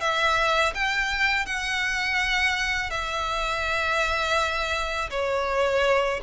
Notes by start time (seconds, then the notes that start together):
0.00 E5
0.74 G5
1.46 F#5
2.90 E5
5.10 C#5